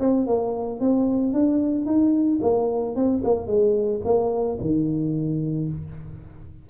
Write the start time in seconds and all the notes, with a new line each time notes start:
0.00 C4
0.26 A#3
0.80 C4
1.33 D4
1.86 D#4
2.42 A#3
2.96 C4
3.24 A#3
3.47 G#3
4.04 A#3
4.60 D#3